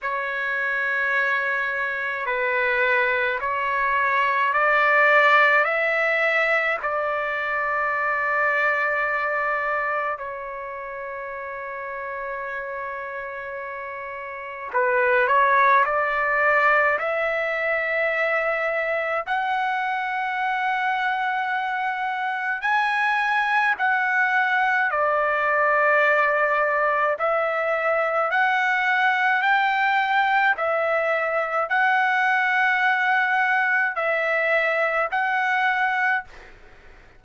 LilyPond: \new Staff \with { instrumentName = "trumpet" } { \time 4/4 \tempo 4 = 53 cis''2 b'4 cis''4 | d''4 e''4 d''2~ | d''4 cis''2.~ | cis''4 b'8 cis''8 d''4 e''4~ |
e''4 fis''2. | gis''4 fis''4 d''2 | e''4 fis''4 g''4 e''4 | fis''2 e''4 fis''4 | }